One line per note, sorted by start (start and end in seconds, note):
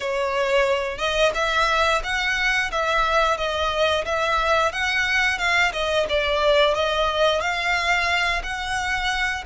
0.00 0.98 C#5
0.98 1.31 D#5
1.34 2.02 E5
2.03 2.71 F#5
2.72 3.37 E5
3.37 4.04 D#5
4.05 4.72 E5
4.72 5.38 F#5
5.38 5.72 F5
5.72 6.06 D#5
6.09 6.74 D5
6.74 7.40 D#5
7.40 8.41 F5
8.43 9.44 F#5